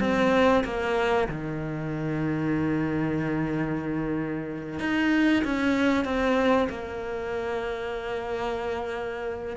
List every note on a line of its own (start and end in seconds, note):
0.00 0.64 C4
0.64 1.28 A#3
1.29 4.80 D#3
4.80 5.43 D#4
5.44 6.05 C#4
6.05 6.68 C4
6.69 9.57 A#3